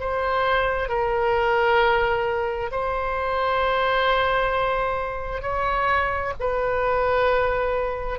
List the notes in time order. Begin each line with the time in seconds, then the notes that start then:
0.00 C5
0.89 A#4
2.71 C5
5.42 C#5
6.40 B4